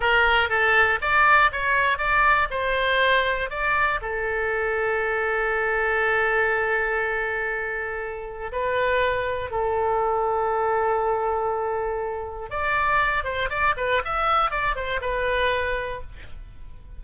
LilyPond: \new Staff \with { instrumentName = "oboe" } { \time 4/4 \tempo 4 = 120 ais'4 a'4 d''4 cis''4 | d''4 c''2 d''4 | a'1~ | a'1~ |
a'4 b'2 a'4~ | a'1~ | a'4 d''4. c''8 d''8 b'8 | e''4 d''8 c''8 b'2 | }